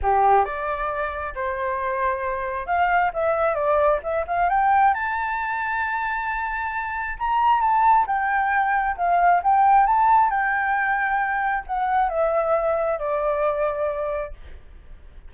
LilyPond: \new Staff \with { instrumentName = "flute" } { \time 4/4 \tempo 4 = 134 g'4 d''2 c''4~ | c''2 f''4 e''4 | d''4 e''8 f''8 g''4 a''4~ | a''1 |
ais''4 a''4 g''2 | f''4 g''4 a''4 g''4~ | g''2 fis''4 e''4~ | e''4 d''2. | }